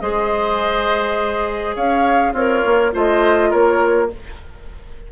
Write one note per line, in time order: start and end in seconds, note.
0.00 1.75 G#3
0.00 2.34 G#4
0.00 1.76 C5
0.00 1.75 D#5
1.75 2.33 C#4
1.75 2.33 C#5
1.75 2.34 F5
2.33 2.62 C4
2.33 2.91 F4
2.33 2.92 A#4
2.33 2.93 C#5
2.65 2.94 A#3
2.92 3.53 A3
2.92 4.08 F4
2.92 3.50 C5
2.92 3.52 D#5
3.50 4.12 A#3
3.50 4.08 A#4
3.50 4.10 C#5